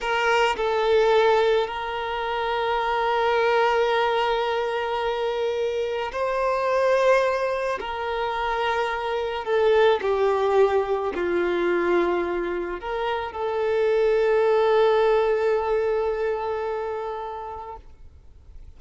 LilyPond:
\new Staff \with { instrumentName = "violin" } { \time 4/4 \tempo 4 = 108 ais'4 a'2 ais'4~ | ais'1~ | ais'2. c''4~ | c''2 ais'2~ |
ais'4 a'4 g'2 | f'2. ais'4 | a'1~ | a'1 | }